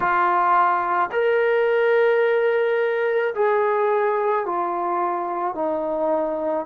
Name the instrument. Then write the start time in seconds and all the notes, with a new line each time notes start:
trombone
0.00 F4
1.11 A#4
3.34 G#4
4.45 F4
5.55 D#4